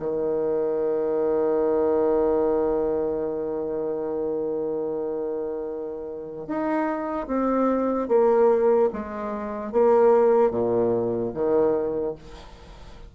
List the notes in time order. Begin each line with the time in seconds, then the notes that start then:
0.00 D#3
6.48 D#4
7.28 C4
8.09 A#3
8.93 G#3
9.73 A#3
10.51 A#2
11.34 D#3